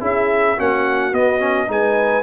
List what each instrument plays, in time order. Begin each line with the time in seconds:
0.00 tuba C#4, trombone E4, horn G#4, trumpet E5
0.56 tuba A#3, trombone C#4, horn F#4, trumpet F#5
1.12 tuba B3, trombone B3, trumpet D#5
1.39 trombone C#4
1.67 tuba G#3, trombone D#4, horn B4, trumpet G#5